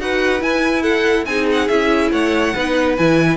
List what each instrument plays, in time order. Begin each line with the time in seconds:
0.00 cello D#4, viola F#4, violin B4 F#5
0.40 viola E4, cello E4, violin G#5
0.83 violin A4 F#5
1.26 cello C4, viola D#4, violin G#4 G#5
1.53 violin F#5
1.68 cello C#4, viola E4, violin E5
2.12 cello A3, violin C#5 F#5
2.54 cello B3, viola D#4, violin B4
2.97 cello E3, viola E4, violin G#5